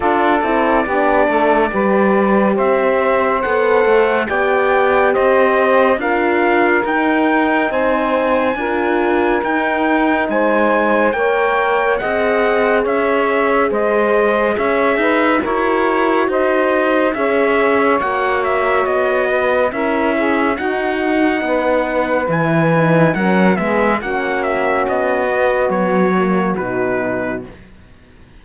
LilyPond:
<<
  \new Staff \with { instrumentName = "trumpet" } { \time 4/4 \tempo 4 = 70 d''2. e''4 | fis''4 g''4 dis''4 f''4 | g''4 gis''2 g''4 | gis''4 g''4 fis''4 e''4 |
dis''4 e''4 cis''4 dis''4 | e''4 fis''8 e''8 dis''4 e''4 | fis''2 gis''4 fis''8 e''8 | fis''8 e''8 dis''4 cis''4 b'4 | }
  \new Staff \with { instrumentName = "saxophone" } { \time 4/4 a'4 g'8 a'8 b'4 c''4~ | c''4 d''4 c''4 ais'4~ | ais'4 c''4 ais'2 | c''4 cis''4 dis''4 cis''4 |
c''4 cis''8 b'8 ais'4 c''4 | cis''2~ cis''8 b'8 ais'8 gis'8 | fis'4 b'2 ais'8 gis'8 | fis'1 | }
  \new Staff \with { instrumentName = "horn" } { \time 4/4 f'8 e'8 d'4 g'2 | a'4 g'2 f'4 | dis'2 f'4 dis'4~ | dis'4 ais'4 gis'2~ |
gis'2 fis'2 | gis'4 fis'2 e'4 | dis'2 e'8 dis'8 cis'8 b8 | cis'4. b4 ais8 dis'4 | }
  \new Staff \with { instrumentName = "cello" } { \time 4/4 d'8 c'8 b8 a8 g4 c'4 | b8 a8 b4 c'4 d'4 | dis'4 c'4 d'4 dis'4 | gis4 ais4 c'4 cis'4 |
gis4 cis'8 dis'8 e'4 dis'4 | cis'4 ais4 b4 cis'4 | dis'4 b4 e4 fis8 gis8 | ais4 b4 fis4 b,4 | }
>>